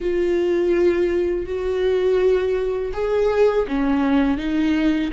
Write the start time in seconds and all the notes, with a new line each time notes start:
0.00 F4
1.46 F#4
2.93 G#4
3.68 C#4
4.37 D#4